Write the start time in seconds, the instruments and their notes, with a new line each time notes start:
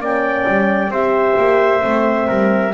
0.00 double bass A#3, horn C#4, trumpet D5, clarinet G5
0.48 double bass G3
0.89 double bass C4, horn G4, trumpet C5, clarinet E5
1.38 double bass A#3
1.82 double bass A3, horn C4
2.28 double bass G3, trumpet A#4